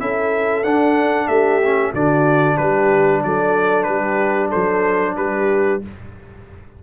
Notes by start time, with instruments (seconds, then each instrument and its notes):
0.00 tuba C#4, trombone E4, horn A4, trumpet E5
0.64 tuba D4, trombone D4, trumpet F#5
1.28 tuba A3, horn G4, trumpet E5
1.63 trombone C#4
1.93 tuba D3, trombone D4, horn F#4, trumpet D5
2.56 tuba G3, horn G4, trumpet B4
3.24 tuba F#3, horn A4, trumpet D5
3.84 tuba G3, horn G4, trumpet B4
4.49 horn A4, trumpet C5
4.55 tuba F#3
5.17 tuba G3, horn G4, trumpet B4